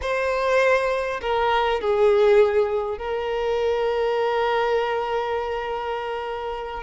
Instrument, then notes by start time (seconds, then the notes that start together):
violin
0.01 C5
1.21 A#4
1.81 G#4
2.97 A#4